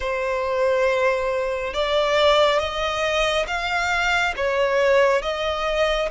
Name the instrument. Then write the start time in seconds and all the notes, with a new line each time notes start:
violin
0.00 C5
1.74 D5
2.59 D#5
3.47 F5
4.36 C#5
5.22 D#5